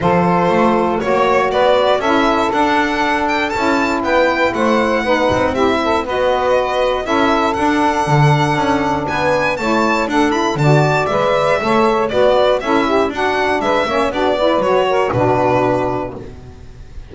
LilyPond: <<
  \new Staff \with { instrumentName = "violin" } { \time 4/4 \tempo 4 = 119 c''2 cis''4 d''4 | e''4 fis''4. g''8 a''4 | g''4 fis''2 e''4 | dis''2 e''4 fis''4~ |
fis''2 gis''4 a''4 | fis''8 b''8 a''4 e''2 | d''4 e''4 fis''4 e''4 | d''4 cis''4 b'2 | }
  \new Staff \with { instrumentName = "saxophone" } { \time 4/4 a'2 cis''4 b'4 | a'1 | b'4 c''4 b'4 g'8 a'8 | b'2 a'2~ |
a'2 b'4 cis''4 | a'4 d''2 cis''4 | b'4 a'8 g'8 fis'4 b'8 cis''8 | fis'8 b'4 ais'8 fis'2 | }
  \new Staff \with { instrumentName = "saxophone" } { \time 4/4 f'2 fis'2 | e'4 d'2 e'4~ | e'2 dis'4 e'4 | fis'2 e'4 d'4~ |
d'2. e'4 | d'8 e'8 fis'4 b'4 a'4 | fis'4 e'4 d'4. cis'8 | d'8 e'8 fis'4 d'2 | }
  \new Staff \with { instrumentName = "double bass" } { \time 4/4 f4 a4 ais4 b4 | cis'4 d'2 cis'4 | b4 a4 b8 c'4. | b2 cis'4 d'4 |
d4 cis'4 b4 a4 | d'4 d4 gis4 a4 | b4 cis'4 d'4 gis8 ais8 | b4 fis4 b,2 | }
>>